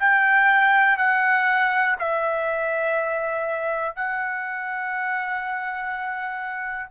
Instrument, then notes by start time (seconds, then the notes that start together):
trumpet
0.00 G5
0.98 F#5
2.00 E5
3.96 F#5